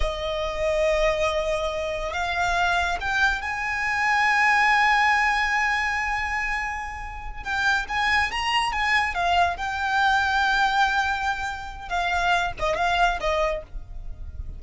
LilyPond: \new Staff \with { instrumentName = "violin" } { \time 4/4 \tempo 4 = 141 dis''1~ | dis''4 f''2 g''4 | gis''1~ | gis''1~ |
gis''4. g''4 gis''4 ais''8~ | ais''8 gis''4 f''4 g''4.~ | g''1 | f''4. dis''8 f''4 dis''4 | }